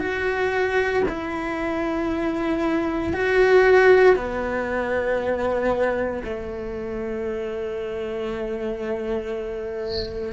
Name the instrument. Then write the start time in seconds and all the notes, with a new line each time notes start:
cello
0.00 F#4
1.09 E4
3.13 F#4
4.16 B3
6.24 A3